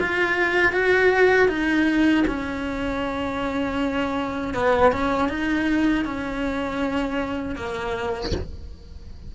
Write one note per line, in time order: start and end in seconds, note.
0.00 0.72 F4
0.72 1.48 F#4
1.48 2.24 D#4
2.28 4.54 C#4
4.54 4.92 B3
4.92 5.29 C#4
5.29 6.05 D#4
6.05 7.56 C#4
7.56 8.32 A#3